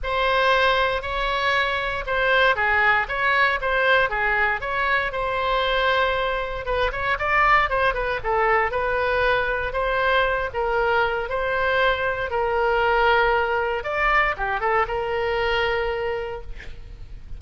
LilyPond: \new Staff \with { instrumentName = "oboe" } { \time 4/4 \tempo 4 = 117 c''2 cis''2 | c''4 gis'4 cis''4 c''4 | gis'4 cis''4 c''2~ | c''4 b'8 cis''8 d''4 c''8 b'8 |
a'4 b'2 c''4~ | c''8 ais'4. c''2 | ais'2. d''4 | g'8 a'8 ais'2. | }